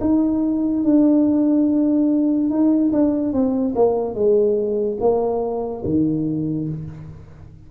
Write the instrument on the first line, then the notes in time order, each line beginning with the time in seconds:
tuba
0.00 D#4
0.83 D4
2.50 D#4
2.92 D4
3.32 C4
3.75 A#3
4.14 G#3
5.00 A#3
5.84 D#3